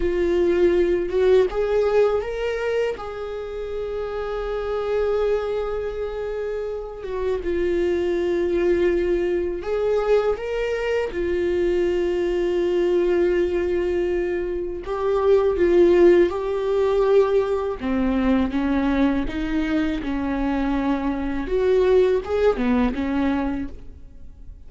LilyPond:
\new Staff \with { instrumentName = "viola" } { \time 4/4 \tempo 4 = 81 f'4. fis'8 gis'4 ais'4 | gis'1~ | gis'4. fis'8 f'2~ | f'4 gis'4 ais'4 f'4~ |
f'1 | g'4 f'4 g'2 | c'4 cis'4 dis'4 cis'4~ | cis'4 fis'4 gis'8 b8 cis'4 | }